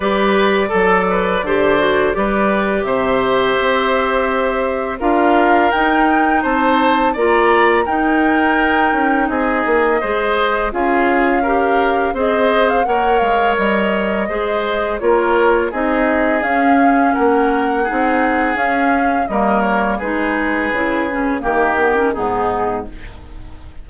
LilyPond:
<<
  \new Staff \with { instrumentName = "flute" } { \time 4/4 \tempo 4 = 84 d''1 | e''2. f''4 | g''4 a''4 ais''4 g''4~ | g''4 dis''2 f''4~ |
f''4 dis''8. f''16 fis''8 f''8 dis''4~ | dis''4 cis''4 dis''4 f''4 | fis''2 f''4 dis''8 cis''8 | b'2 ais'4 gis'4 | }
  \new Staff \with { instrumentName = "oboe" } { \time 4/4 b'4 a'8 b'8 c''4 b'4 | c''2. ais'4~ | ais'4 c''4 d''4 ais'4~ | ais'4 gis'4 c''4 gis'4 |
ais'4 c''4 cis''2 | c''4 ais'4 gis'2 | ais'4 gis'2 ais'4 | gis'2 g'4 dis'4 | }
  \new Staff \with { instrumentName = "clarinet" } { \time 4/4 g'4 a'4 g'8 fis'8 g'4~ | g'2. f'4 | dis'2 f'4 dis'4~ | dis'2 gis'4 f'4 |
g'4 gis'4 ais'2 | gis'4 f'4 dis'4 cis'4~ | cis'4 dis'4 cis'4 ais4 | dis'4 e'8 cis'8 ais8 b16 cis'16 b4 | }
  \new Staff \with { instrumentName = "bassoon" } { \time 4/4 g4 fis4 d4 g4 | c4 c'2 d'4 | dis'4 c'4 ais4 dis'4~ | dis'8 cis'8 c'8 ais8 gis4 cis'4~ |
cis'4 c'4 ais8 gis8 g4 | gis4 ais4 c'4 cis'4 | ais4 c'4 cis'4 g4 | gis4 cis4 dis4 gis,4 | }
>>